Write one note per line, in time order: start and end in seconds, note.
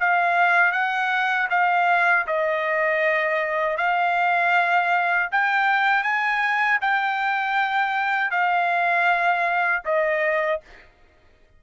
0.00 0.72 F5
0.72 1.48 F#5
1.50 2.26 F5
2.27 3.77 D#5
3.77 5.29 F5
5.32 6.03 G5
6.03 6.79 G#5
6.81 8.31 G5
8.31 9.83 F5
9.85 10.61 D#5